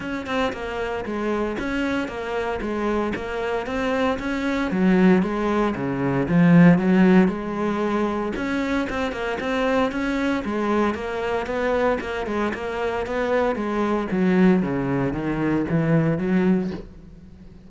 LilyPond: \new Staff \with { instrumentName = "cello" } { \time 4/4 \tempo 4 = 115 cis'8 c'8 ais4 gis4 cis'4 | ais4 gis4 ais4 c'4 | cis'4 fis4 gis4 cis4 | f4 fis4 gis2 |
cis'4 c'8 ais8 c'4 cis'4 | gis4 ais4 b4 ais8 gis8 | ais4 b4 gis4 fis4 | cis4 dis4 e4 fis4 | }